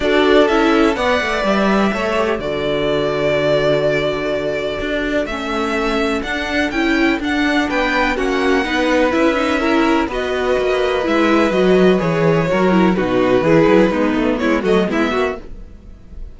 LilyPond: <<
  \new Staff \with { instrumentName = "violin" } { \time 4/4 \tempo 4 = 125 d''4 e''4 fis''4 e''4~ | e''4 d''2.~ | d''2. e''4~ | e''4 fis''4 g''4 fis''4 |
g''4 fis''2 e''4~ | e''4 dis''2 e''4 | dis''4 cis''2 b'4~ | b'2 cis''8 dis''8 e''4 | }
  \new Staff \with { instrumentName = "violin" } { \time 4/4 a'2 d''2 | cis''4 a'2.~ | a'1~ | a'1 |
b'4 fis'4 b'2 | ais'4 b'2.~ | b'2 ais'4 fis'4 | gis'4 dis'4 e'8 fis'8 e'8 fis'8 | }
  \new Staff \with { instrumentName = "viola" } { \time 4/4 fis'4 e'4 b'2 | a'8 g'8 fis'2.~ | fis'2. cis'4~ | cis'4 d'4 e'4 d'4~ |
d'4 cis'4 dis'4 e'8 dis'8 | e'4 fis'2 e'4 | fis'4 gis'4 fis'8 e'8 dis'4 | e'4 b4. a8 b4 | }
  \new Staff \with { instrumentName = "cello" } { \time 4/4 d'4 cis'4 b8 a8 g4 | a4 d2.~ | d2 d'4 a4~ | a4 d'4 cis'4 d'4 |
b4 ais4 b4 cis'4~ | cis'4 b4 ais4 gis4 | fis4 e4 fis4 b,4 | e8 fis8 gis8 a8 gis8 fis8 gis8 ais8 | }
>>